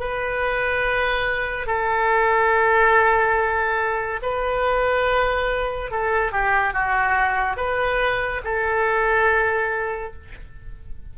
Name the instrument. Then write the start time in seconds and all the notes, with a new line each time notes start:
oboe
0.00 B4
1.67 A4
4.22 B4
5.91 A4
6.32 G4
6.73 F#4
7.57 B4
8.44 A4